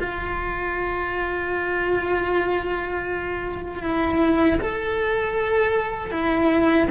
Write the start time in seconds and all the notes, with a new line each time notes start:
0.00 F4
3.83 E4
4.60 A4
6.11 E4